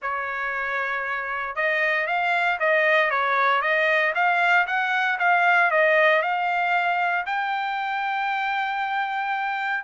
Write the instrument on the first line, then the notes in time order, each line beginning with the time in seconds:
trumpet
0.02 C#5
1.55 D#5
2.07 F5
2.59 D#5
3.10 C#5
3.61 D#5
4.14 F5
4.66 F#5
5.19 F5
5.70 D#5
6.21 F5
7.26 G5